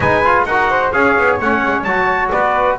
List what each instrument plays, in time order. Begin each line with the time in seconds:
0.00 double bass G#3, trombone D#4, flute B4, trumpet G#5
0.24 trombone F4
0.45 double bass D#4, trombone F#4, flute A#4, trumpet F#5
0.69 flute C5
0.92 double bass C#4, trombone G#4, flute C#5, trumpet F5
1.17 double bass B3
1.40 double bass A3, trombone C#4, trumpet F#5
1.63 double bass G#3
1.83 double bass F#3, trombone F#4, trumpet A5
2.31 double bass B3, flute B4, trumpet D5